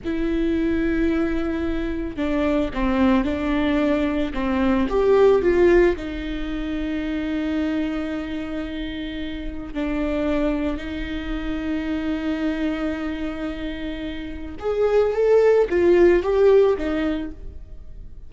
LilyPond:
\new Staff \with { instrumentName = "viola" } { \time 4/4 \tempo 4 = 111 e'1 | d'4 c'4 d'2 | c'4 g'4 f'4 dis'4~ | dis'1~ |
dis'2 d'2 | dis'1~ | dis'2. gis'4 | a'4 f'4 g'4 dis'4 | }